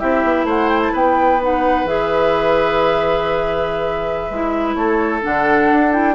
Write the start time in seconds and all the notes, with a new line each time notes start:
0.00 C4 E4 G4 E5
0.24 B3
0.44 A3 C5 F#5
0.69 G5
0.83 A5
0.93 B3 B4 G5
1.41 D#4 F#5
1.85 E3 G#4 E5
4.31 G#3 E4
4.75 A3 A4 C#5
5.22 D3 D4 F#5
5.72 D4
5.92 E4 G5